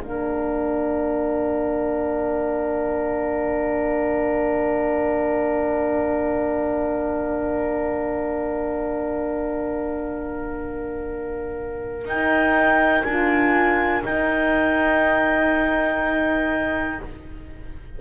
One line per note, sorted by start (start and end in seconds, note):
0.00 12.05 A#3
0.00 12.07 D4
0.00 16.99 A#4
0.00 12.05 F5
12.05 13.03 D#4
12.05 13.05 D#4
12.05 13.04 G5
13.04 14.03 D4
13.04 14.03 F4
13.04 14.02 G#5
14.03 16.98 D#4
14.03 17.00 D#4
14.03 17.00 G5